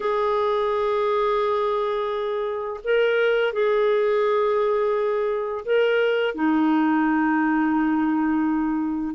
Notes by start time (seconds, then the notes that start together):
0.00 G#4
2.84 A#4
3.53 G#4
5.65 A#4
6.34 D#4